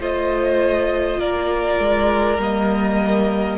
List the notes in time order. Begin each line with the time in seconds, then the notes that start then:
0.00 A3 F4 C5 D#5
1.19 A#3 A#4 D5
1.79 G#3
2.38 G3 A#3 D#5